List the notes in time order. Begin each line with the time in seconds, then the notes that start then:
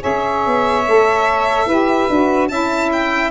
0.00 C#4 G#4 C#5 E5
0.46 B3
0.87 A3 A4
1.66 E4 G4 B4
2.09 D4 F#4
2.48 C#4 E4 E5 A5
2.92 G5